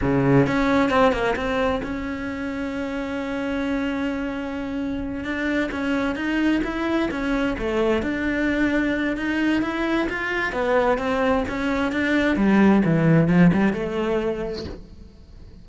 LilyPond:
\new Staff \with { instrumentName = "cello" } { \time 4/4 \tempo 4 = 131 cis4 cis'4 c'8 ais8 c'4 | cis'1~ | cis'2.~ cis'8 d'8~ | d'8 cis'4 dis'4 e'4 cis'8~ |
cis'8 a4 d'2~ d'8 | dis'4 e'4 f'4 b4 | c'4 cis'4 d'4 g4 | e4 f8 g8 a2 | }